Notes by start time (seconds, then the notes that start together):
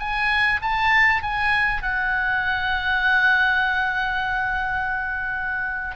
0.00 G#5
0.62 A5
1.23 G#5
1.83 F#5